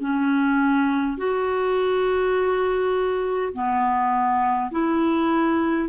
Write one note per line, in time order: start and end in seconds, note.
0.00 1.18 C#4
1.18 3.53 F#4
3.53 4.71 B3
4.71 5.89 E4